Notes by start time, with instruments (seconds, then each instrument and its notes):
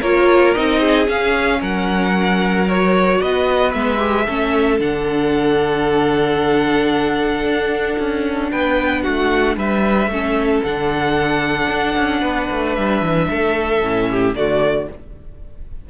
0.00 cello A#3, viola F4, violin A#4 C#5
0.54 cello C4, viola D#4, violin D#5
0.79 violin G#4
1.06 viola C#4, cello C#4, violin F5
1.60 cello F#3, violin A#4 F#5
2.67 viola F#4, violin C#5
3.20 cello B3, violin B4 D#5
3.73 cello G#3, viola B3, violin E5
3.97 viola G4
4.25 cello A3, viola C#4, violin A4
4.79 cello D3, viola D4, violin F#5
7.43 cello D4
7.98 cello C#4
8.51 cello B3, violin B4 G5
9.02 cello A3, violin F#4 F#5
9.56 cello G3, violin B4 E5
10.07 cello A3, viola C#4, violin A4
10.63 cello D3, viola D4, violin F#5
11.67 cello D4
11.97 cello C#4
12.21 cello B3, violin B4
12.51 cello A3
12.74 cello G3, violin E5
13.02 cello E3
13.30 cello A3, violin A4
13.81 cello A2, viola C#4
14.10 violin G4
14.34 cello D3, viola A3, violin F#4 D5